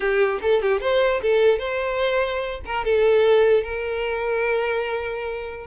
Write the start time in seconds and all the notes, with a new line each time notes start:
0.00 G4
0.41 A4
0.62 G4
0.80 C5
1.22 A4
1.58 C5
2.65 A#4
2.85 A4
3.63 A#4